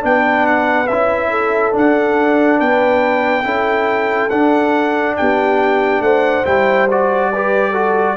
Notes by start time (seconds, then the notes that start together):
0.00 B3 D4 B4 G5
0.46 F#5
0.87 C#4 E4 E5
1.30 A4
1.72 D4 F#5
2.58 B3 B4 G5
3.44 C#4 E4 A4
4.29 D4 F#5
5.16 B3 G4 G5
6.00 A3 C5 F#5
6.45 G3 E4 G5
6.90 F#4 D5
7.32 G4 B4
7.70 F#4 A4